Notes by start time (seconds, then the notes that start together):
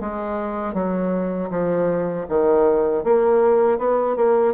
0.00 G#3
0.74 F#3
1.50 F3
2.29 D#3
3.03 A#3
3.78 B3
4.16 A#3